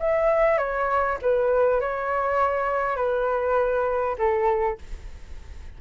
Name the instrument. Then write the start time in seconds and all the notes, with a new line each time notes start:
flute
0.00 E5
0.58 C#5
1.22 B4
1.81 C#5
2.97 B4
4.18 A4